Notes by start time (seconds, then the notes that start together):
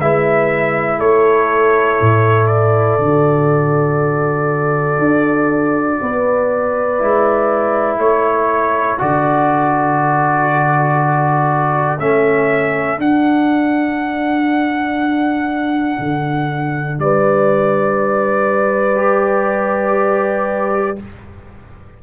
0.00 G#3 E4 B4 E5
0.98 A3 A4 C#5
2.01 A2
2.47 D5
2.99 D3 F#4
4.99 D4
6.01 B3 B4
6.99 G#3 E4
7.98 A3 A4 C#5
8.99 D3 F#4 D5
11.99 A3 C#4 E5
12.98 D4 F#5
15.99 D3
16.99 G3 B4 D5
18.96 G4